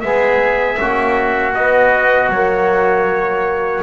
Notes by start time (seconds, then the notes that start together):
0.00 G#3 B3 G#4 E5
0.77 A#3 C#4 F#4
1.54 B3 D#5
2.29 F#3 A#3 C#5